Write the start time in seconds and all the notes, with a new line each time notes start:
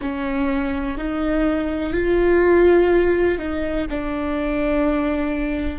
0.00 C#4
0.97 D#4
1.93 F4
3.38 D#4
3.89 D4